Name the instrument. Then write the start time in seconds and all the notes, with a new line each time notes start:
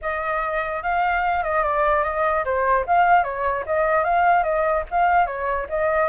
flute
0.01 D#5
0.82 F5
1.43 D#5
1.63 D5
2.03 D#5
2.45 C5
2.86 F5
3.23 C#5
3.66 D#5
4.03 F5
4.43 D#5
4.91 F5
5.26 C#5
5.69 D#5